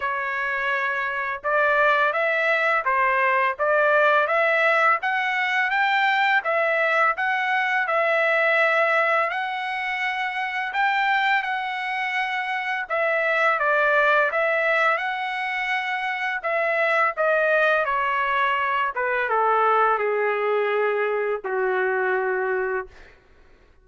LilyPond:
\new Staff \with { instrumentName = "trumpet" } { \time 4/4 \tempo 4 = 84 cis''2 d''4 e''4 | c''4 d''4 e''4 fis''4 | g''4 e''4 fis''4 e''4~ | e''4 fis''2 g''4 |
fis''2 e''4 d''4 | e''4 fis''2 e''4 | dis''4 cis''4. b'8 a'4 | gis'2 fis'2 | }